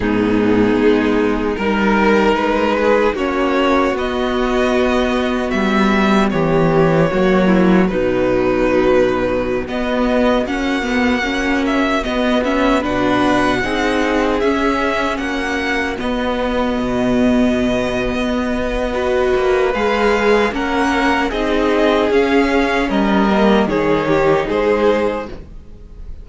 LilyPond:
<<
  \new Staff \with { instrumentName = "violin" } { \time 4/4 \tempo 4 = 76 gis'2 ais'4 b'4 | cis''4 dis''2 e''4 | cis''2 b'2~ | b'16 dis''4 fis''4. e''8 dis''8 e''16~ |
e''16 fis''2 e''4 fis''8.~ | fis''16 dis''2.~ dis''8.~ | dis''4 f''4 fis''4 dis''4 | f''4 dis''4 cis''4 c''4 | }
  \new Staff \with { instrumentName = "violin" } { \time 4/4 dis'2 ais'4. gis'8 | fis'1 | g'4 fis'8 e'8 dis'2~ | dis'16 fis'2.~ fis'8.~ |
fis'16 b'4 gis'2 fis'8.~ | fis'1 | b'2 ais'4 gis'4~ | gis'4 ais'4 gis'8 g'8 gis'4 | }
  \new Staff \with { instrumentName = "viola" } { \time 4/4 b2 dis'2 | cis'4 b2.~ | b4 ais4 fis2~ | fis16 b4 cis'8 b8 cis'4 b8 cis'16~ |
cis'16 d'4 dis'4 cis'4.~ cis'16~ | cis'16 b2.~ b8. | fis'4 gis'4 cis'4 dis'4 | cis'4. ais8 dis'2 | }
  \new Staff \with { instrumentName = "cello" } { \time 4/4 gis,4 gis4 g4 gis4 | ais4 b2 g4 | e4 fis4 b,2~ | b,16 b4 ais2 b8.~ |
b16 b,4 c'4 cis'4 ais8.~ | ais16 b4 b,4.~ b,16 b4~ | b8 ais8 gis4 ais4 c'4 | cis'4 g4 dis4 gis4 | }
>>